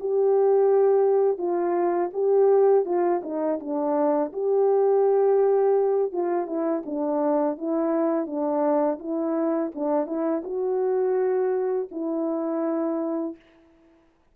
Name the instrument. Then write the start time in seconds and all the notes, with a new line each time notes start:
horn
0.00 G4
1.38 F4
2.13 G4
2.86 F4
3.23 D#4
3.60 D4
4.33 G4
6.12 F4
6.47 E4
6.86 D4
7.58 E4
8.26 D4
8.99 E4
9.75 D4
10.06 E4
10.44 F#4
11.91 E4